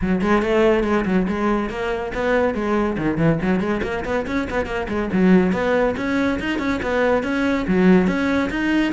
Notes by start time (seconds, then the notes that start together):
0.01 F#3
0.21 G#3
0.42 A3
0.83 G#3
1.05 F#3
1.28 G#3
1.69 A#3
2.14 B3
2.54 G#3
2.97 D#3
3.17 E3
3.42 F#3
3.60 G#3
3.83 A#3
4.04 B3
4.26 C#4
4.50 B3
4.66 A#3
4.88 G#3
5.13 F#3
5.52 B3
5.96 C#4
6.39 D#4
6.59 C#4
6.82 B3
7.23 C#4
7.67 F#3
8.07 C#4
8.50 D#4